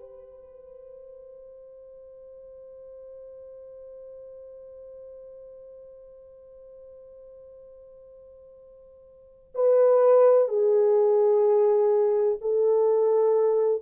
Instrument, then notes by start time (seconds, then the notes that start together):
horn
0.00 C5
9.55 B4
10.48 G#4
12.41 A4